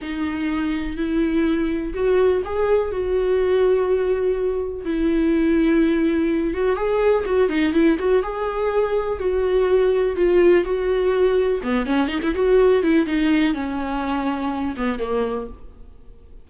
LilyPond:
\new Staff \with { instrumentName = "viola" } { \time 4/4 \tempo 4 = 124 dis'2 e'2 | fis'4 gis'4 fis'2~ | fis'2 e'2~ | e'4. fis'8 gis'4 fis'8 dis'8 |
e'8 fis'8 gis'2 fis'4~ | fis'4 f'4 fis'2 | b8 cis'8 dis'16 e'16 fis'4 e'8 dis'4 | cis'2~ cis'8 b8 ais4 | }